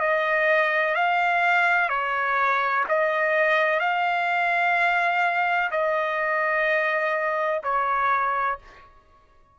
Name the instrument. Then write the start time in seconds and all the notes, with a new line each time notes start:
trumpet
0.00 D#5
0.95 F5
1.89 C#5
2.89 D#5
3.80 F5
5.71 D#5
7.64 C#5